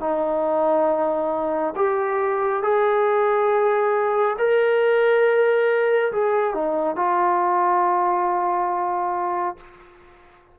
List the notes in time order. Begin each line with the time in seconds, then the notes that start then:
0.00 D#4
1.75 G4
2.62 G#4
4.38 A#4
6.12 G#4
6.54 D#4
6.96 F4